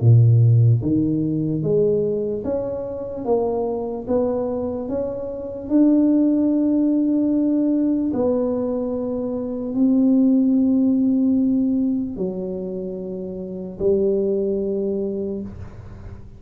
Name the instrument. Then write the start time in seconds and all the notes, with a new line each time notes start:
tuba
0.00 A#2
0.82 D#3
1.62 G#3
2.44 C#4
3.25 A#3
4.07 B3
4.88 C#4
5.69 D4
8.13 B3
9.74 C4
12.16 F#3
13.79 G3